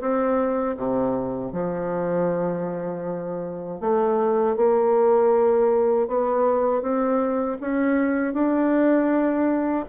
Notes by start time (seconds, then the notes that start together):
0.00 C4
0.77 C3
1.52 F3
3.80 A3
4.56 A#3
6.08 B3
6.82 C4
7.61 C#4
8.33 D4